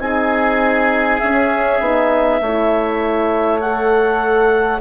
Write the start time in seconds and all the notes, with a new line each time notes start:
0.00 C4 D#4 G#4 G#5
1.19 C#4 E5
1.80 B3 D#4
2.41 A3 E4 C#5
3.60 A4 F#5